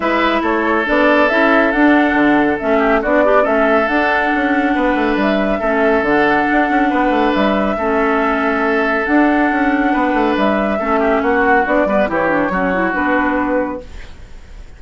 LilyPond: <<
  \new Staff \with { instrumentName = "flute" } { \time 4/4 \tempo 4 = 139 e''4 cis''4 d''4 e''4 | fis''2 e''4 d''4 | e''4 fis''2. | e''2 fis''2~ |
fis''4 e''2.~ | e''4 fis''2. | e''2 fis''4 d''4 | cis''2 b'2 | }
  \new Staff \with { instrumentName = "oboe" } { \time 4/4 b'4 a'2.~ | a'2~ a'8 g'8 fis'8 d'8 | a'2. b'4~ | b'4 a'2. |
b'2 a'2~ | a'2. b'4~ | b'4 a'8 g'8 fis'4. b'8 | g'4 fis'2. | }
  \new Staff \with { instrumentName = "clarinet" } { \time 4/4 e'2 d'4 e'4 | d'2 cis'4 d'8 g'8 | cis'4 d'2.~ | d'4 cis'4 d'2~ |
d'2 cis'2~ | cis'4 d'2.~ | d'4 cis'2 d'8 b8 | e'8 d'8 cis'8 e'8 d'2 | }
  \new Staff \with { instrumentName = "bassoon" } { \time 4/4 gis4 a4 b4 cis'4 | d'4 d4 a4 b4 | a4 d'4 cis'4 b8 a8 | g4 a4 d4 d'8 cis'8 |
b8 a8 g4 a2~ | a4 d'4 cis'4 b8 a8 | g4 a4 ais4 b8 g8 | e4 fis4 b2 | }
>>